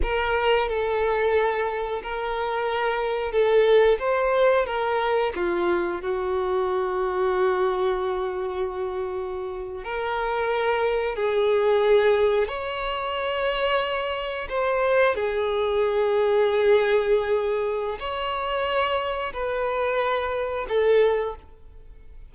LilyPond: \new Staff \with { instrumentName = "violin" } { \time 4/4 \tempo 4 = 90 ais'4 a'2 ais'4~ | ais'4 a'4 c''4 ais'4 | f'4 fis'2.~ | fis'2~ fis'8. ais'4~ ais'16~ |
ais'8. gis'2 cis''4~ cis''16~ | cis''4.~ cis''16 c''4 gis'4~ gis'16~ | gis'2. cis''4~ | cis''4 b'2 a'4 | }